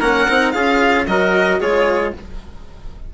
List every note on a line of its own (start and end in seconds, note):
0.00 0.27 A#3
0.00 0.28 C#4
0.00 0.53 A#4
0.00 0.51 F#5
0.29 0.54 C4
0.29 0.54 D#4
0.51 1.07 C#4
0.51 1.07 F4
0.51 1.07 G#4
0.51 1.05 F5
1.07 1.60 F#3
1.07 1.60 F#4
1.07 1.61 A#4
1.07 1.60 D#5
1.60 2.14 G#3
1.60 2.13 F4
1.60 2.14 G#4
1.60 2.14 C#5